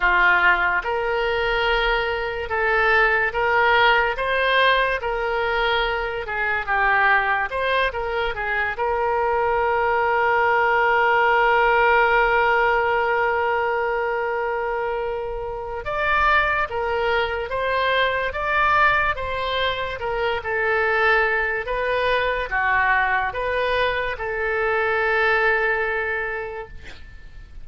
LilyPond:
\new Staff \with { instrumentName = "oboe" } { \time 4/4 \tempo 4 = 72 f'4 ais'2 a'4 | ais'4 c''4 ais'4. gis'8 | g'4 c''8 ais'8 gis'8 ais'4.~ | ais'1~ |
ais'2. d''4 | ais'4 c''4 d''4 c''4 | ais'8 a'4. b'4 fis'4 | b'4 a'2. | }